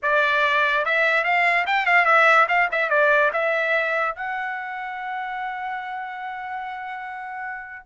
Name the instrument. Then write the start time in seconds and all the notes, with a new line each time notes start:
trumpet
0.02 D5
0.85 E5
1.24 F5
1.66 G5
1.86 F5
2.05 E5
2.48 F5
2.71 E5
2.89 D5
3.32 E5
4.15 F#5